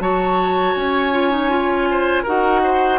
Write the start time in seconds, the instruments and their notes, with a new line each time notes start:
0.00 bassoon F#3, clarinet F#4, oboe C#5, flute A5
0.75 bassoon C#4, flute G#5
1.12 clarinet F4
1.31 clarinet D#4
1.50 clarinet F4
1.91 oboe C5
2.23 bassoon D#4, clarinet F#4, oboe A#4, flute F#5
2.64 oboe C5